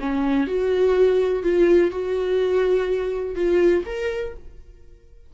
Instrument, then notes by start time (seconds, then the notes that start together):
viola
0.00 C#4
0.47 F#4
1.43 F4
1.91 F#4
3.36 F4
3.86 A#4